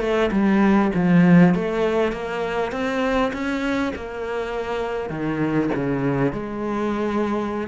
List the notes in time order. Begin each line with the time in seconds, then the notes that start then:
0.00 A3
0.31 G3
0.94 F3
1.54 A3
2.12 A#3
2.71 C4
3.33 C#4
3.95 A#3
5.09 D#3
5.75 C#3
6.32 G#3